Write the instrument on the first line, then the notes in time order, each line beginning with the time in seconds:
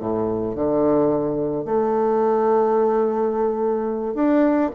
bassoon
0.00 A2
0.55 D3
1.65 A3
4.14 D4